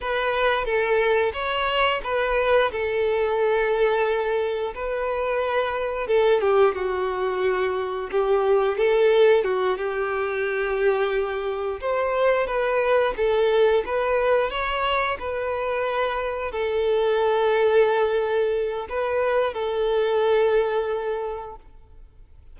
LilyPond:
\new Staff \with { instrumentName = "violin" } { \time 4/4 \tempo 4 = 89 b'4 a'4 cis''4 b'4 | a'2. b'4~ | b'4 a'8 g'8 fis'2 | g'4 a'4 fis'8 g'4.~ |
g'4. c''4 b'4 a'8~ | a'8 b'4 cis''4 b'4.~ | b'8 a'2.~ a'8 | b'4 a'2. | }